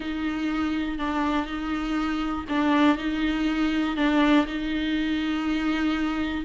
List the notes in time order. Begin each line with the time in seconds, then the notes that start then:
0.00 D#4
0.98 D4
1.46 D#4
2.49 D4
2.97 D#4
3.96 D4
4.46 D#4